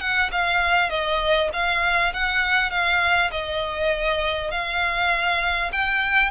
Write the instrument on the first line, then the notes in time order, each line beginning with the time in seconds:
violin
0.00 F#5
0.32 F5
0.89 D#5
1.53 F5
2.13 F#5
2.71 F5
3.31 D#5
4.51 F5
5.72 G5